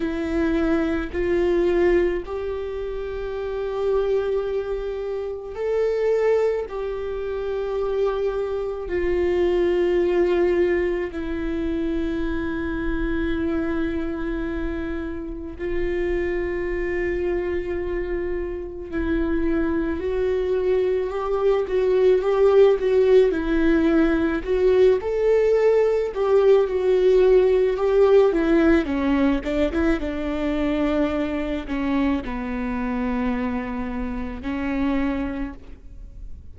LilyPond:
\new Staff \with { instrumentName = "viola" } { \time 4/4 \tempo 4 = 54 e'4 f'4 g'2~ | g'4 a'4 g'2 | f'2 e'2~ | e'2 f'2~ |
f'4 e'4 fis'4 g'8 fis'8 | g'8 fis'8 e'4 fis'8 a'4 g'8 | fis'4 g'8 e'8 cis'8 d'16 e'16 d'4~ | d'8 cis'8 b2 cis'4 | }